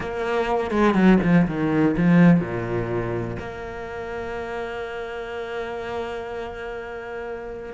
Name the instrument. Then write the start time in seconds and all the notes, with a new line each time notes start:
cello
0.00 A#3
0.70 G#3
0.94 F#3
1.22 F3
1.47 D#3
1.96 F3
2.40 A#2
3.39 A#3